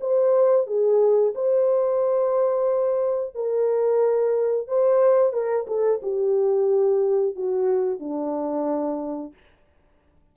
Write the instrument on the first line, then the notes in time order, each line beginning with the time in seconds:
horn
0.00 C5
0.66 G#4
1.34 C5
3.35 A#4
4.67 C5
5.32 A#4
5.67 A4
6.02 G4
7.35 F#4
7.99 D4